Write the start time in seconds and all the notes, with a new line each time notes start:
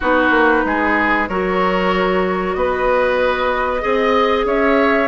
0.00 B3 D#4 F#4 B4
0.30 A#3
0.64 G#3 G#4
1.28 F#3 F#4 A#4 C#5
2.53 B3 B4 D#5
3.81 C4 G#4 D#5
4.45 C#4 C#5 E5